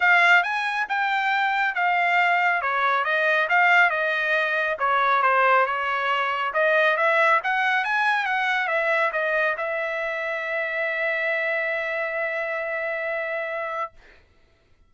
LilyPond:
\new Staff \with { instrumentName = "trumpet" } { \time 4/4 \tempo 4 = 138 f''4 gis''4 g''2 | f''2 cis''4 dis''4 | f''4 dis''2 cis''4 | c''4 cis''2 dis''4 |
e''4 fis''4 gis''4 fis''4 | e''4 dis''4 e''2~ | e''1~ | e''1 | }